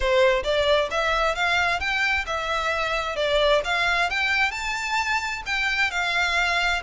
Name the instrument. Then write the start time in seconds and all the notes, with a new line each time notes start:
violin
0.00 C5
0.43 D5
0.90 E5
1.35 F5
1.80 G5
2.26 E5
3.16 D5
3.64 F5
4.10 G5
4.51 A5
5.46 G5
5.90 F5